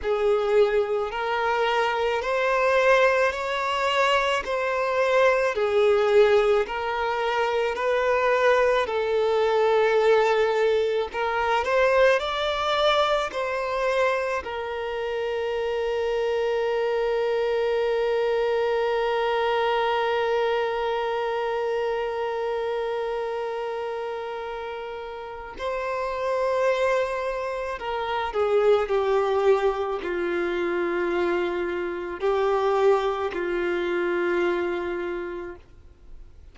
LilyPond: \new Staff \with { instrumentName = "violin" } { \time 4/4 \tempo 4 = 54 gis'4 ais'4 c''4 cis''4 | c''4 gis'4 ais'4 b'4 | a'2 ais'8 c''8 d''4 | c''4 ais'2.~ |
ais'1~ | ais'2. c''4~ | c''4 ais'8 gis'8 g'4 f'4~ | f'4 g'4 f'2 | }